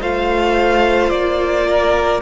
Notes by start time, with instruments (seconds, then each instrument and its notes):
0.00 cello A3, viola F4, violin C5 F5
1.10 cello A#3, violin D5
1.67 violin A#4